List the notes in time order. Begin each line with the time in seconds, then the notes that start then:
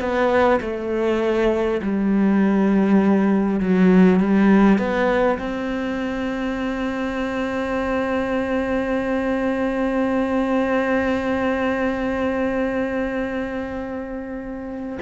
0.00 B3
0.61 A3
1.82 G3
3.60 F#3
4.19 G3
4.78 B3
5.39 C4